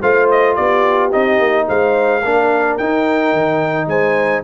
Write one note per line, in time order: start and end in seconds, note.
0.00 0.57 A3
0.00 1.11 F4
0.00 0.55 C5
0.00 0.29 F5
0.31 0.55 D#5
0.55 1.13 B3
0.55 1.66 G4
0.55 1.10 D5
1.11 1.39 C4
1.11 2.21 D#4
1.11 1.67 D#5
1.39 1.66 A#3
1.67 2.23 G#3
1.67 2.22 C5
1.67 2.78 F5
2.23 2.78 A#3
2.23 2.79 D4
2.23 3.88 A#4
2.78 4.44 D#4
2.78 3.33 D#4
2.78 3.88 G5
3.33 3.86 D#3
3.86 4.42 G#3
3.86 4.43 C5
3.86 4.43 G#5